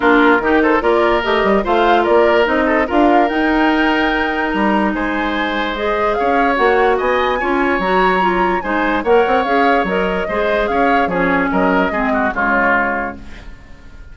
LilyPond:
<<
  \new Staff \with { instrumentName = "flute" } { \time 4/4 \tempo 4 = 146 ais'4. c''8 d''4 dis''4 | f''4 d''4 dis''4 f''4 | g''2. ais''4 | gis''2 dis''4 f''4 |
fis''4 gis''2 ais''4~ | ais''4 gis''4 fis''4 f''4 | dis''2 f''4 cis''4 | dis''2 cis''2 | }
  \new Staff \with { instrumentName = "oboe" } { \time 4/4 f'4 g'8 a'8 ais'2 | c''4 ais'4. a'8 ais'4~ | ais'1 | c''2. cis''4~ |
cis''4 dis''4 cis''2~ | cis''4 c''4 cis''2~ | cis''4 c''4 cis''4 gis'4 | ais'4 gis'8 fis'8 f'2 | }
  \new Staff \with { instrumentName = "clarinet" } { \time 4/4 d'4 dis'4 f'4 g'4 | f'2 dis'4 f'4 | dis'1~ | dis'2 gis'2 |
fis'2 f'4 fis'4 | f'4 dis'4 ais'4 gis'4 | ais'4 gis'2 cis'4~ | cis'4 c'4 gis2 | }
  \new Staff \with { instrumentName = "bassoon" } { \time 4/4 ais4 dis4 ais4 a8 g8 | a4 ais4 c'4 d'4 | dis'2. g4 | gis2. cis'4 |
ais4 b4 cis'4 fis4~ | fis4 gis4 ais8 c'8 cis'4 | fis4 gis4 cis'4 f4 | fis4 gis4 cis2 | }
>>